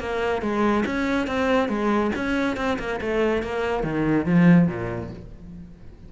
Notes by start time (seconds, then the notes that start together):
0.00 A#3
0.42 G#3
0.86 C#4
1.27 C4
1.69 G#3
2.15 C#4
2.57 C4
2.79 A#3
3.01 A3
3.43 A#3
3.84 D#3
4.26 F3
4.68 A#2